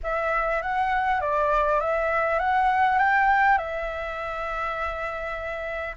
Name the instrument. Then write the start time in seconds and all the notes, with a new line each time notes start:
flute
0.03 E5
0.62 F#5
1.20 D5
1.80 E5
2.39 F#5
2.98 G5
3.58 E5